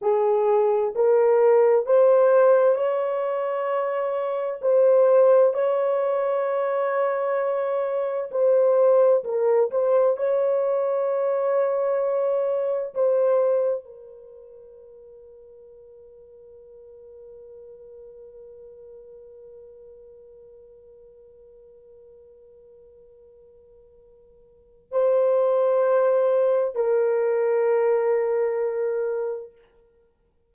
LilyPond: \new Staff \with { instrumentName = "horn" } { \time 4/4 \tempo 4 = 65 gis'4 ais'4 c''4 cis''4~ | cis''4 c''4 cis''2~ | cis''4 c''4 ais'8 c''8 cis''4~ | cis''2 c''4 ais'4~ |
ais'1~ | ais'1~ | ais'2. c''4~ | c''4 ais'2. | }